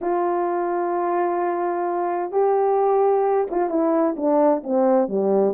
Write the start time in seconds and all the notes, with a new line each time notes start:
0.01 F4
2.31 G4
3.50 F4
3.69 E4
4.16 D4
4.63 C4
5.08 G3